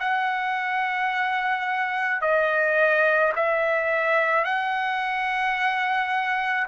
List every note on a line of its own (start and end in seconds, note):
0.00 2.22 F#5
2.22 3.33 D#5
3.36 4.44 E5
4.44 6.67 F#5